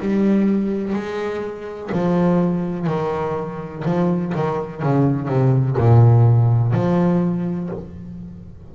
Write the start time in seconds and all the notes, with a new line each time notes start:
0.00 G3
0.93 G#3
1.92 F3
2.87 D#3
3.84 F3
4.35 D#3
4.83 C#3
5.28 C3
5.77 A#2
6.73 F3